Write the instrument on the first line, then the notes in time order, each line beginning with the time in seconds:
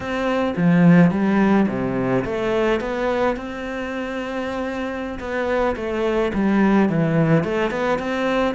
cello
0.00 C4
0.57 F3
1.10 G3
1.68 C3
2.24 A3
2.80 B3
3.36 C4
5.19 B3
5.76 A3
6.34 G3
6.89 E3
7.44 A3
7.71 B3
7.98 C4